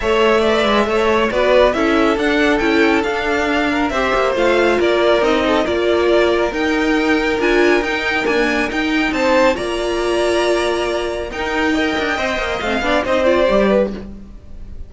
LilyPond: <<
  \new Staff \with { instrumentName = "violin" } { \time 4/4 \tempo 4 = 138 e''2. d''4 | e''4 fis''4 g''4 f''4~ | f''4 e''4 f''4 d''4 | dis''4 d''2 g''4~ |
g''4 gis''4 g''4 gis''4 | g''4 a''4 ais''2~ | ais''2 g''2~ | g''4 f''4 dis''8 d''4. | }
  \new Staff \with { instrumentName = "violin" } { \time 4/4 cis''4 d''4 cis''4 b'4 | a'1~ | a'8 ais'8 c''2 ais'4~ | ais'8 a'8 ais'2.~ |
ais'1~ | ais'4 c''4 d''2~ | d''2 ais'4 dis''4~ | dis''4. d''8 c''4. b'8 | }
  \new Staff \with { instrumentName = "viola" } { \time 4/4 a'4 b'4 a'4 fis'4 | e'4 d'4 e'4 d'4~ | d'4 g'4 f'2 | dis'4 f'2 dis'4~ |
dis'4 f'4 dis'4 ais4 | dis'2 f'2~ | f'2 dis'4 ais'4 | c''4 c'8 d'8 dis'8 f'8 g'4 | }
  \new Staff \with { instrumentName = "cello" } { \time 4/4 a4. gis8 a4 b4 | cis'4 d'4 cis'4 d'4~ | d'4 c'8 ais8 a4 ais4 | c'4 ais2 dis'4~ |
dis'4 d'4 dis'4 d'4 | dis'4 c'4 ais2~ | ais2 dis'4. d'8 | c'8 ais8 a8 b8 c'4 g4 | }
>>